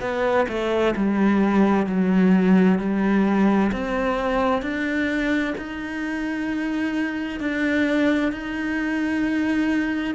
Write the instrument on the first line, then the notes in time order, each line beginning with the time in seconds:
cello
0.00 B3
0.48 A3
0.96 G3
1.86 F#3
2.79 G3
3.72 C4
4.62 D4
5.57 D#4
7.40 D4
8.32 D#4